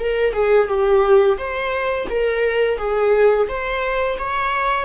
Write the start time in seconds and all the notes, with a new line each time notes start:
0.00 A#4
0.34 G#4
0.68 G4
1.38 C5
2.10 A#4
2.78 G#4
3.49 C5
4.19 C#5